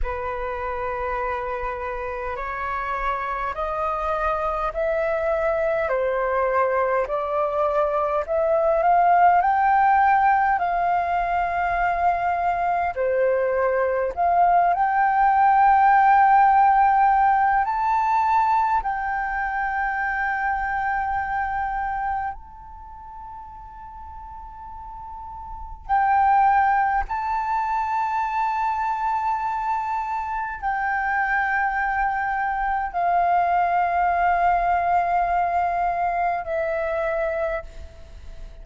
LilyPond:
\new Staff \with { instrumentName = "flute" } { \time 4/4 \tempo 4 = 51 b'2 cis''4 dis''4 | e''4 c''4 d''4 e''8 f''8 | g''4 f''2 c''4 | f''8 g''2~ g''8 a''4 |
g''2. a''4~ | a''2 g''4 a''4~ | a''2 g''2 | f''2. e''4 | }